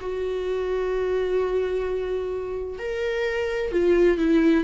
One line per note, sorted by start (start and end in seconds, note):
0.00 2.78 F#4
2.78 3.71 A#4
3.72 4.17 F4
4.17 4.64 E4